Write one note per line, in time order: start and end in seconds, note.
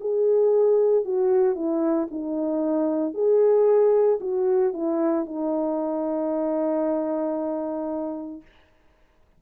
0.00 1.05 G#4
1.05 1.55 F#4
1.55 2.08 E4
2.11 3.14 D#4
3.14 4.19 G#4
4.20 4.73 F#4
4.73 5.25 E4
5.25 8.41 D#4